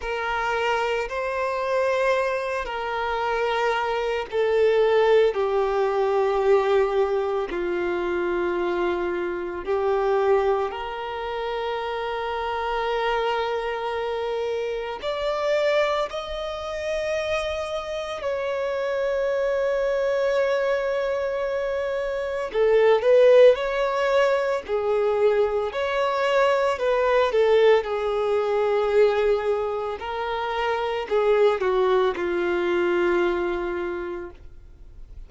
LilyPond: \new Staff \with { instrumentName = "violin" } { \time 4/4 \tempo 4 = 56 ais'4 c''4. ais'4. | a'4 g'2 f'4~ | f'4 g'4 ais'2~ | ais'2 d''4 dis''4~ |
dis''4 cis''2.~ | cis''4 a'8 b'8 cis''4 gis'4 | cis''4 b'8 a'8 gis'2 | ais'4 gis'8 fis'8 f'2 | }